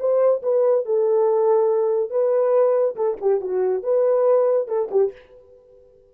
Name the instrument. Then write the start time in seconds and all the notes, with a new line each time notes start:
horn
0.00 C5
0.43 B4
0.85 A4
2.10 B4
2.96 A4
3.21 G4
3.41 F#4
3.83 B4
4.68 A4
4.91 G4